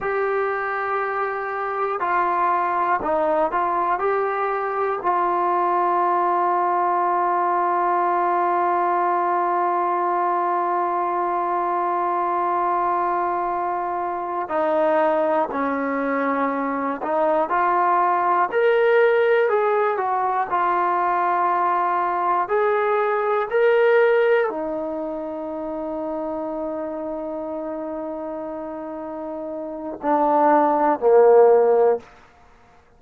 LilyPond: \new Staff \with { instrumentName = "trombone" } { \time 4/4 \tempo 4 = 60 g'2 f'4 dis'8 f'8 | g'4 f'2.~ | f'1~ | f'2~ f'8 dis'4 cis'8~ |
cis'4 dis'8 f'4 ais'4 gis'8 | fis'8 f'2 gis'4 ais'8~ | ais'8 dis'2.~ dis'8~ | dis'2 d'4 ais4 | }